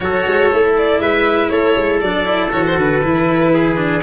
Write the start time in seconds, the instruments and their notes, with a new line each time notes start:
0.00 tuba F#3, cello F#4, trumpet A4, violin C#5
0.27 tuba G#3
0.52 tuba A3, cello E4
0.77 violin D5
0.99 tuba G#3, trumpet B4, violin E5
1.49 tuba A3, trumpet A4, violin C#5
1.76 tuba G#3
2.00 tuba F#3, cello D4, violin D5
2.24 cello E4
2.51 tuba E3, cello F#4, violin C#5
2.66 violin C5
2.77 tuba D3, violin B4
3.02 tuba E3, cello E4
3.53 trumpet G#4
3.76 cello D4